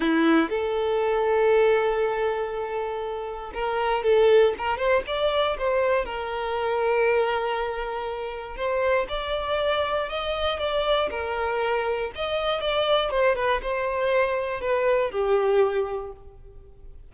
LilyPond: \new Staff \with { instrumentName = "violin" } { \time 4/4 \tempo 4 = 119 e'4 a'2.~ | a'2. ais'4 | a'4 ais'8 c''8 d''4 c''4 | ais'1~ |
ais'4 c''4 d''2 | dis''4 d''4 ais'2 | dis''4 d''4 c''8 b'8 c''4~ | c''4 b'4 g'2 | }